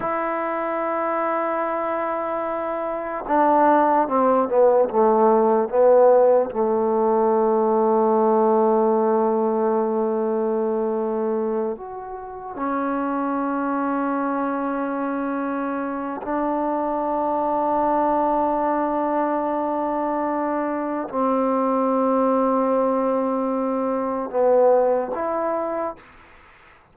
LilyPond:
\new Staff \with { instrumentName = "trombone" } { \time 4/4 \tempo 4 = 74 e'1 | d'4 c'8 b8 a4 b4 | a1~ | a2~ a8 fis'4 cis'8~ |
cis'1 | d'1~ | d'2 c'2~ | c'2 b4 e'4 | }